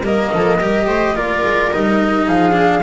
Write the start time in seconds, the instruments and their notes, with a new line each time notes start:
0.00 double bass G3, cello A#3, viola A#4, flute D#5
0.33 double bass F3, viola A4
0.58 double bass G3, cello G4, viola A#4
0.86 double bass A3, viola C5
1.14 double bass A#3, cello F4, viola A#4, flute D5
1.44 double bass G#3
1.72 double bass G3, cello D#4, flute D#5
2.27 double bass F3, viola G#4, flute F5
2.52 cello D4